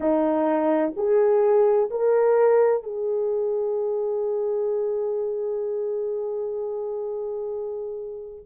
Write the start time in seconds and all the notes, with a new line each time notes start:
0.00 D#4
0.96 G#4
1.90 A#4
2.83 G#4